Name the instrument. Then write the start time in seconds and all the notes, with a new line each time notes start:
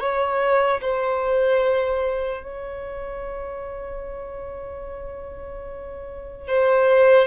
violin
0.00 C#5
0.81 C5
2.44 C#5
6.48 C5